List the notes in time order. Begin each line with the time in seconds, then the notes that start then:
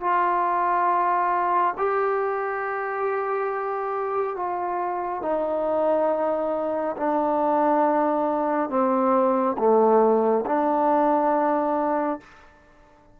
0.00 F4
1.77 G4
4.36 F4
5.22 D#4
6.96 D4
8.69 C4
9.58 A3
10.46 D4